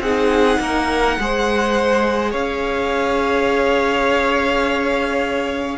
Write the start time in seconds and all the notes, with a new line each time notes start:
0.00 C4 D#4 G#4 F#5
0.60 A#3 A#4
1.20 G#3 G#4 C5
2.31 C#4 C#5 F5